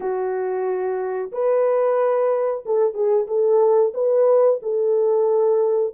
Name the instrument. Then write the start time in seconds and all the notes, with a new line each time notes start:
horn
0.00 F#4
1.32 B4
2.65 A4
2.93 G#4
3.27 A4
3.94 B4
4.62 A4